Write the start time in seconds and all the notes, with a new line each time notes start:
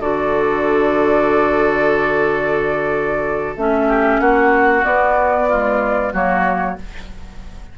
0.00 D3 F#4 A4 D5
3.56 A3 C#4 E5
3.87 G4
4.19 A#3 F#4 F#5
4.83 B3 D5
5.48 G#3 F4
6.12 F#3 A#3 F#4 C#5